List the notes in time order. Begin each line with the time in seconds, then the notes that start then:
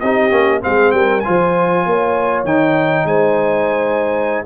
0.00 C4 D#4 G4 D#5
0.30 A#3 C#4
0.61 G#3 C4 G#4 F5
0.91 G3 A#4 G5
1.20 F4 C5 G#5
1.28 F3
1.86 A#3 C#5
2.44 D#3 D#4 G5
3.05 G#3 C5 G#5